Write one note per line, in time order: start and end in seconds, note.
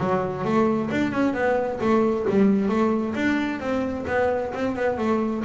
0.00 0.45 F#3
0.45 0.90 A3
0.91 1.12 D4
1.12 1.34 C#4
1.34 1.80 B3
1.81 2.26 A3
2.30 2.69 G3
2.69 3.14 A3
3.15 3.60 D4
3.60 4.06 C4
4.07 4.53 B3
4.54 4.76 C4
4.76 4.98 B3
4.98 5.44 A3